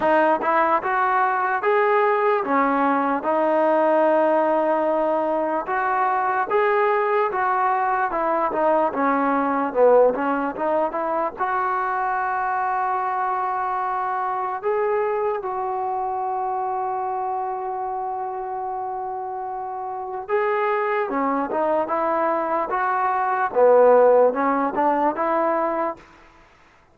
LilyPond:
\new Staff \with { instrumentName = "trombone" } { \time 4/4 \tempo 4 = 74 dis'8 e'8 fis'4 gis'4 cis'4 | dis'2. fis'4 | gis'4 fis'4 e'8 dis'8 cis'4 | b8 cis'8 dis'8 e'8 fis'2~ |
fis'2 gis'4 fis'4~ | fis'1~ | fis'4 gis'4 cis'8 dis'8 e'4 | fis'4 b4 cis'8 d'8 e'4 | }